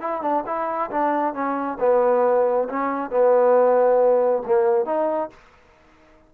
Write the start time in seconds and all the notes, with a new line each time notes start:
0.00 E4
0.21 D4
0.46 E4
0.91 D4
1.34 C#4
1.80 B3
2.69 C#4
3.10 B3
4.46 A#3
4.85 D#4